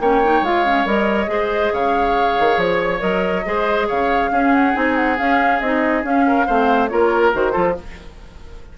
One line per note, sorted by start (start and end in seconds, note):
0.00 0.41 A#3
0.00 0.23 C#4
0.00 1.31 C#5
0.00 0.44 G5
0.23 0.45 D#4
0.41 0.85 G#3
0.41 0.65 F4
0.41 0.87 F5
0.65 0.85 C#4
0.85 1.27 G3
0.85 1.26 A#4
0.85 1.74 D#5
1.26 1.70 G#3
1.26 2.99 G#4
1.26 1.73 C5
1.72 2.37 C#3
1.72 3.46 C#5
1.72 2.60 F5
2.39 2.57 D#3
2.57 3.00 F3
2.57 3.00 C#5
2.99 3.45 F#3
2.99 3.43 A#4
2.99 3.87 D#5
3.45 3.89 G#3
3.45 4.31 G#4
3.45 3.87 C5
3.87 4.31 C#3
3.87 4.30 C#5
3.87 4.54 F5
4.31 4.74 C#4
4.31 4.73 C#4
4.31 6.26 G#4
4.54 4.75 F#5
4.73 5.19 C4
4.73 5.16 D#4
4.73 4.96 G#5
4.96 5.17 F#5
5.18 5.61 C#4
5.18 5.61 F5
5.61 6.03 C4
5.61 6.03 D#4
5.61 6.04 D#5
6.03 6.46 C#4
6.03 6.47 C#4
6.03 6.88 F5
6.27 6.46 A#4
6.46 6.91 A3
6.46 6.89 C4
6.46 6.89 C5
6.88 7.34 A#3
6.88 7.33 F4
6.88 7.52 A#4
6.88 7.31 C#5
7.33 7.55 D#3
7.33 7.52 F#4
7.33 7.78 C5
7.52 7.78 F3
7.52 7.74 F4
7.52 7.74 A4